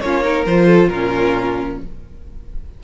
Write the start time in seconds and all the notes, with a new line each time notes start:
0.00 A#3 C#4 F4 C#5
0.23 D#4 A#4
0.46 F3 F4 C5
0.67 A4
0.88 A#2 F4 A#4
0.94 C#4